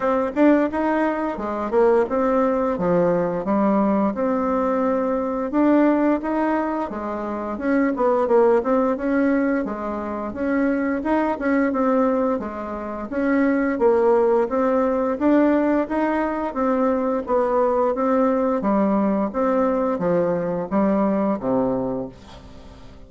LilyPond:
\new Staff \with { instrumentName = "bassoon" } { \time 4/4 \tempo 4 = 87 c'8 d'8 dis'4 gis8 ais8 c'4 | f4 g4 c'2 | d'4 dis'4 gis4 cis'8 b8 | ais8 c'8 cis'4 gis4 cis'4 |
dis'8 cis'8 c'4 gis4 cis'4 | ais4 c'4 d'4 dis'4 | c'4 b4 c'4 g4 | c'4 f4 g4 c4 | }